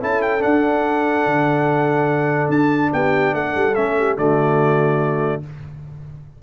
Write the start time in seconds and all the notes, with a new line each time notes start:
0.00 C#4 E4 A4 A5
0.22 G5
0.39 D4 F#5
1.26 D3
2.49 D4 A5
2.93 B3 G4 G5
3.34 A3 A4 F#5
3.55 G3
3.74 A3 C#4 E5
3.98 G4
4.17 D3 A3 F#4 D5